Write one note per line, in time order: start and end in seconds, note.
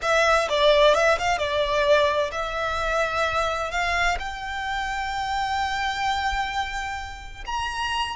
0.02 0.48 E5
0.49 0.94 D5
0.94 1.17 E5
1.18 1.37 F5
1.37 2.30 D5
2.31 3.71 E5
3.71 4.17 F5
4.19 7.44 G5
7.46 8.15 A#5